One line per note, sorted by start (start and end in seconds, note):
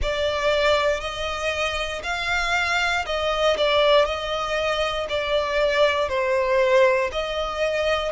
0.01 1.00 D5
1.00 2.02 D#5
2.03 3.05 F5
3.06 3.56 D#5
3.57 4.04 D5
4.04 5.06 D#5
5.09 6.08 D5
6.08 7.10 C5
7.12 8.11 D#5